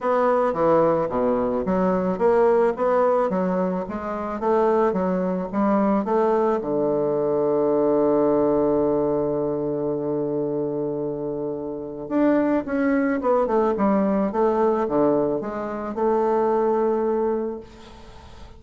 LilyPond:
\new Staff \with { instrumentName = "bassoon" } { \time 4/4 \tempo 4 = 109 b4 e4 b,4 fis4 | ais4 b4 fis4 gis4 | a4 fis4 g4 a4 | d1~ |
d1~ | d2 d'4 cis'4 | b8 a8 g4 a4 d4 | gis4 a2. | }